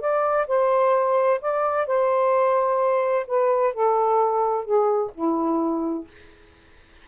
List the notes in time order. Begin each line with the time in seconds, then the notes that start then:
0.00 D5
0.47 C5
1.41 D5
1.86 C5
3.27 B4
3.74 A4
4.64 G#4
5.14 E4